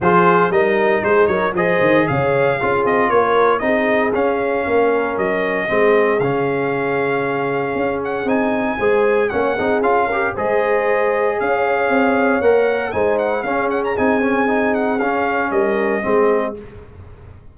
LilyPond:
<<
  \new Staff \with { instrumentName = "trumpet" } { \time 4/4 \tempo 4 = 116 c''4 dis''4 c''8 cis''8 dis''4 | f''4. dis''8 cis''4 dis''4 | f''2 dis''2 | f''2.~ f''8 fis''8 |
gis''2 fis''4 f''4 | dis''2 f''2 | fis''4 gis''8 fis''8 f''8 fis''16 ais''16 gis''4~ | gis''8 fis''8 f''4 dis''2 | }
  \new Staff \with { instrumentName = "horn" } { \time 4/4 gis'4 ais'4 gis'8 ais'8 c''4 | cis''4 gis'4 ais'4 gis'4~ | gis'4 ais'2 gis'4~ | gis'1~ |
gis'4 c''4 cis''8 gis'4 ais'8 | c''2 cis''2~ | cis''4 c''4 gis'2~ | gis'2 ais'4 gis'4 | }
  \new Staff \with { instrumentName = "trombone" } { \time 4/4 f'4 dis'2 gis'4~ | gis'4 f'2 dis'4 | cis'2. c'4 | cis'1 |
dis'4 gis'4 cis'8 dis'8 f'8 g'8 | gis'1 | ais'4 dis'4 cis'4 dis'8 cis'8 | dis'4 cis'2 c'4 | }
  \new Staff \with { instrumentName = "tuba" } { \time 4/4 f4 g4 gis8 fis8 f8 dis8 | cis4 cis'8 c'8 ais4 c'4 | cis'4 ais4 fis4 gis4 | cis2. cis'4 |
c'4 gis4 ais8 c'8 cis'4 | gis2 cis'4 c'4 | ais4 gis4 cis'4 c'4~ | c'4 cis'4 g4 gis4 | }
>>